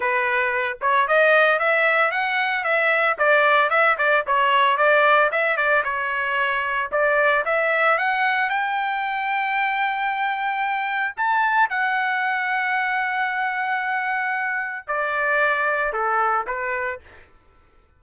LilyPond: \new Staff \with { instrumentName = "trumpet" } { \time 4/4 \tempo 4 = 113 b'4. cis''8 dis''4 e''4 | fis''4 e''4 d''4 e''8 d''8 | cis''4 d''4 e''8 d''8 cis''4~ | cis''4 d''4 e''4 fis''4 |
g''1~ | g''4 a''4 fis''2~ | fis''1 | d''2 a'4 b'4 | }